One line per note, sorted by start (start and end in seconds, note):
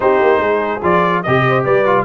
0.00 0.20 C4
0.00 0.80 D#4
0.00 0.41 G4
0.00 0.83 C5
0.20 0.39 A#3
0.39 0.80 G#3
0.39 1.24 G#4
0.82 1.24 F3
0.82 1.24 F4
0.82 1.22 D5
1.22 1.66 C3
1.22 1.47 G4
1.22 1.85 G4
1.22 1.64 D#5
1.48 1.64 C5
1.64 2.04 G3
1.64 2.04 B4
1.64 2.04 D5
1.85 2.04 F4